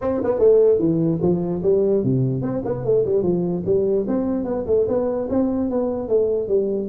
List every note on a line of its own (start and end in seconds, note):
0.01 0.21 C4
0.23 0.38 B3
0.38 0.78 A3
0.78 1.19 E3
1.21 1.62 F3
1.63 2.03 G3
2.03 2.42 C3
2.42 2.62 C4
2.65 2.84 B3
2.84 3.04 A3
3.05 3.22 G3
3.22 3.63 F3
3.65 4.06 G3
4.07 4.44 C4
4.44 4.64 B3
4.66 4.86 A3
4.87 5.28 B3
5.29 5.70 C4
5.70 6.08 B3
6.08 6.48 A3
6.48 6.88 G3